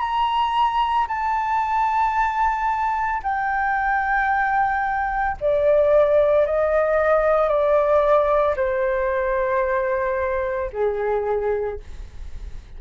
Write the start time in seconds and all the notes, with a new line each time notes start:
0.00 A#5
1.08 A5
3.23 G5
5.41 D5
6.46 D#5
7.48 D5
8.56 C5
10.73 G#4